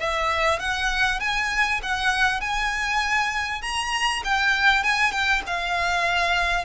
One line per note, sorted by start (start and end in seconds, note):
0.00 0.60 E5
0.60 1.20 F#5
1.20 1.81 G#5
1.83 2.41 F#5
2.41 3.62 G#5
3.63 4.23 A#5
4.25 4.84 G5
4.84 5.12 G#5
5.12 5.42 G5
5.47 6.65 F5